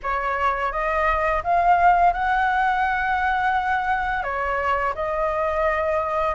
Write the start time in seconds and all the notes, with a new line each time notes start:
0.03 C#5
0.72 D#5
1.43 F5
2.13 F#5
4.23 C#5
4.94 D#5